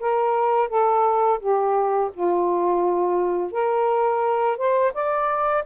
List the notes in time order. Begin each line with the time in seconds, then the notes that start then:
0.00 A#4
0.69 A4
1.41 G4
2.14 F4
3.52 A#4
4.58 C5
4.94 D5